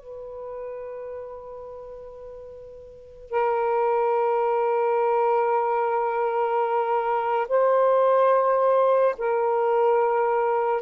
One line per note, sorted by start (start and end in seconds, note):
0.00 3.31 B4
3.31 7.47 A#4
7.48 9.15 C5
9.19 10.83 A#4